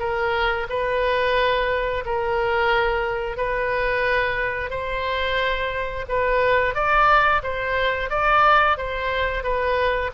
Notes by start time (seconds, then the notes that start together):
0.00 A#4
0.70 B4
2.06 A#4
3.37 B4
4.71 C5
6.09 B4
6.75 D5
7.43 C5
8.11 D5
8.78 C5
9.44 B4